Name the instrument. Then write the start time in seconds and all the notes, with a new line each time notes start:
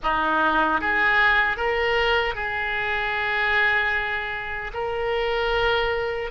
oboe
0.02 D#4
0.81 G#4
1.56 A#4
2.34 G#4
4.73 A#4